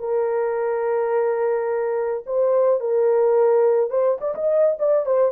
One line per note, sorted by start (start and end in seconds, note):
0.00 2.24 A#4
2.27 2.81 C5
2.81 3.91 A#4
3.91 4.19 C5
4.21 4.35 D5
4.35 4.77 D#5
4.79 5.06 D5
5.06 5.33 C5